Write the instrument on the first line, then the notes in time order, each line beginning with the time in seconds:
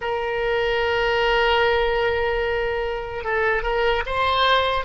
oboe
0.01 A#4
3.24 A4
3.62 A#4
4.05 C5